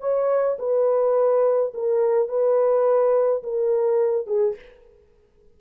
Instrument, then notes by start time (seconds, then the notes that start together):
horn
0.00 C#5
0.59 B4
1.74 A#4
2.29 B4
3.43 A#4
4.27 G#4